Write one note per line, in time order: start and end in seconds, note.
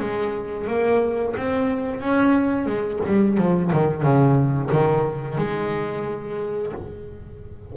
0.00 0.67 G#3
0.68 1.35 A#3
1.37 2.01 C4
2.01 2.66 C#4
2.66 3.00 G#3
3.07 3.38 G3
3.38 3.72 F3
3.73 4.03 D#3
4.03 4.70 C#3
4.72 5.38 D#3
5.38 6.73 G#3